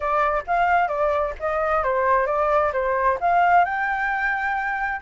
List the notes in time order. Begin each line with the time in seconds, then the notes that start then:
0.00 D5
0.46 F5
0.87 D5
1.39 D#5
1.83 C5
2.26 D5
2.73 C5
3.20 F5
3.64 G5